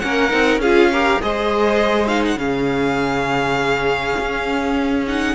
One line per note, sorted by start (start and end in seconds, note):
0.00 0.33 A#3
0.00 0.30 C#4
0.00 0.61 A#4
0.00 0.59 F#5
0.30 0.57 C4
0.30 0.60 D#4
0.57 1.17 C#4
0.57 0.91 G#4
0.57 1.21 F5
0.64 0.93 F4
0.92 1.22 G4
0.92 1.22 A#4
1.22 2.36 G#3
1.22 2.08 G#4
1.22 2.40 C5
1.22 2.08 D#5
2.08 2.37 D#4
2.08 2.23 F5
2.26 2.39 F#5
2.36 4.14 C#3
2.36 5.06 C#4
2.36 5.35 G#4
2.36 5.06 F5
4.20 5.35 C#4
5.07 5.35 D#4
5.07 5.35 F#5